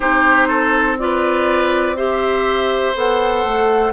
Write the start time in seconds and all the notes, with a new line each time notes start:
0.00 C4 D#4 G4 C5
0.48 A4
0.98 F4 B4 D5
1.96 G4 C5 E5
2.94 B3 A4 F#5
3.43 A3